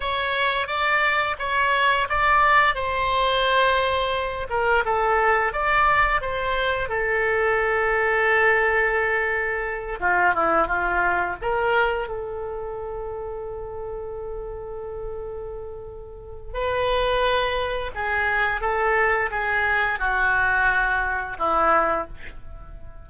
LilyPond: \new Staff \with { instrumentName = "oboe" } { \time 4/4 \tempo 4 = 87 cis''4 d''4 cis''4 d''4 | c''2~ c''8 ais'8 a'4 | d''4 c''4 a'2~ | a'2~ a'8 f'8 e'8 f'8~ |
f'8 ais'4 a'2~ a'8~ | a'1 | b'2 gis'4 a'4 | gis'4 fis'2 e'4 | }